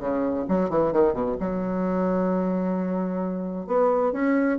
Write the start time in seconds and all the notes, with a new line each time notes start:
0.00 C#3
0.49 F#3
0.70 E3
0.93 D#3
1.14 B2
1.40 F#3
3.67 B3
4.13 C#4